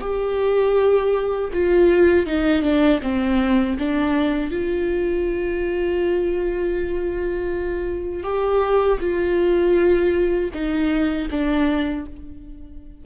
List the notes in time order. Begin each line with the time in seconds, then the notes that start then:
0.00 G4
1.53 F4
2.26 D#4
2.62 D4
3.02 C4
3.78 D4
4.51 F4
8.23 G4
9.00 F4
10.53 D#4
11.30 D4